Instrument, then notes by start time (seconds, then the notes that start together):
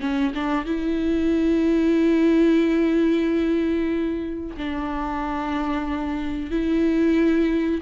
viola
0.00 C#4
0.34 D4
0.65 E4
4.57 D4
6.51 E4